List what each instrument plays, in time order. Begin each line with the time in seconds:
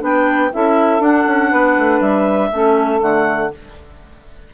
0.00 bassoon B3, clarinet D4 G5, saxophone B4
0.53 bassoon C#4, clarinet E4 E5, saxophone A4
1.00 bassoon D4, clarinet D4 F#5
1.27 bassoon C#4
1.50 bassoon B3, saxophone B4
1.78 bassoon A3
2.01 bassoon G3, clarinet E5
2.52 bassoon A3, clarinet C#4, saxophone A4
3.00 bassoon D3, clarinet A3 F#5